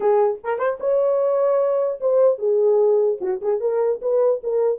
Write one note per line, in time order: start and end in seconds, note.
0.00 0.39 G#4
0.43 0.58 A#4
0.58 0.78 C5
0.79 1.99 C#5
2.00 2.38 C5
2.38 3.18 G#4
3.20 3.40 F#4
3.41 3.60 G#4
3.60 4.00 A#4
4.01 4.41 B4
4.43 4.79 A#4